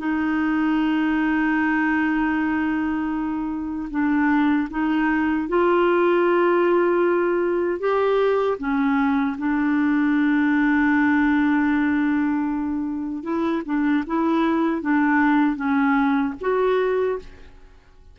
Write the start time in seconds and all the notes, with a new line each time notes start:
0.00 D#4
3.91 D4
4.71 D#4
5.49 F4
7.80 G4
8.59 C#4
9.38 D4
13.24 E4
13.66 D4
14.07 E4
14.82 D4
15.57 C#4
16.41 F#4